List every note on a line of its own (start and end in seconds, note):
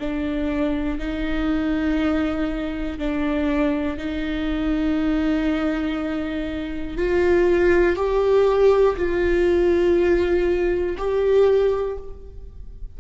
0.00 0.99 D4
0.99 2.99 D#4
2.99 3.98 D4
3.98 6.98 D#4
6.98 7.96 F4
7.96 8.96 G4
8.96 10.96 F4
10.98 11.98 G4